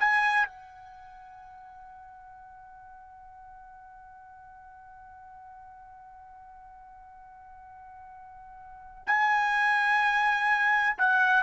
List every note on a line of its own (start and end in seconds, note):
0.00 0.46 G#5
0.46 9.03 F#5
9.06 10.97 G#5
10.98 11.43 F#5